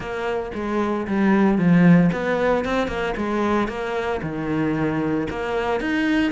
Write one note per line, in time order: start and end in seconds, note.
0.00 0.51 A#3
0.54 1.06 G#3
1.07 1.57 G3
1.57 2.10 F3
2.12 2.65 B3
2.65 2.87 C4
2.87 3.14 A#3
3.17 3.68 G#3
3.68 4.20 A#3
4.22 5.27 D#3
5.29 5.80 A#3
5.80 6.31 D#4